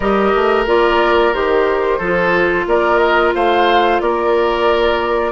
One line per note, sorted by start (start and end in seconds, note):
0.00 0.33 G3
0.00 0.66 G4
0.00 1.98 A#4
0.00 0.65 D#5
0.35 0.67 A3
0.66 1.33 A#3
0.66 1.33 F4
0.66 1.33 D5
1.33 1.99 D#3
1.33 2.00 G4
1.33 2.67 C5
1.98 2.65 F3
1.98 5.32 F4
1.98 2.65 A4
2.66 3.33 A#3
2.66 3.35 A#4
2.66 2.97 D5
2.97 3.31 D#5
3.34 4.00 A3
3.34 4.01 C5
3.34 4.01 F5
4.00 5.32 A#3
4.00 5.32 A#4
4.00 5.32 D5